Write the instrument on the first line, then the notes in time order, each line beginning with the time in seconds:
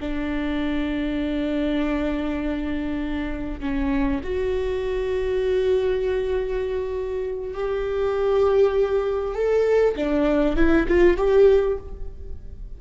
viola
0.00 D4
3.60 C#4
4.23 F#4
7.54 G4
9.34 A4
9.96 D4
10.56 E4
10.87 F4
11.17 G4